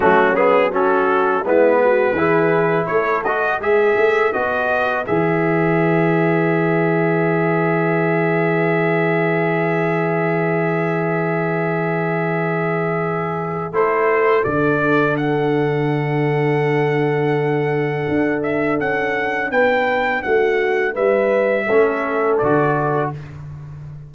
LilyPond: <<
  \new Staff \with { instrumentName = "trumpet" } { \time 4/4 \tempo 4 = 83 fis'8 gis'8 a'4 b'2 | cis''8 dis''8 e''4 dis''4 e''4~ | e''1~ | e''1~ |
e''2. c''4 | d''4 fis''2.~ | fis''4. e''8 fis''4 g''4 | fis''4 e''2 d''4 | }
  \new Staff \with { instrumentName = "horn" } { \time 4/4 cis'4 fis'4 e'8 fis'8 gis'4 | a'4 b'2.~ | b'1~ | b'1~ |
b'2. a'4~ | a'1~ | a'2. b'4 | fis'4 b'4 a'2 | }
  \new Staff \with { instrumentName = "trombone" } { \time 4/4 a8 b8 cis'4 b4 e'4~ | e'8 fis'8 gis'4 fis'4 gis'4~ | gis'1~ | gis'1~ |
gis'2. e'4 | d'1~ | d'1~ | d'2 cis'4 fis'4 | }
  \new Staff \with { instrumentName = "tuba" } { \time 4/4 fis2 gis4 e4 | a4 gis8 a8 b4 e4~ | e1~ | e1~ |
e2. a4 | d1~ | d4 d'4 cis'4 b4 | a4 g4 a4 d4 | }
>>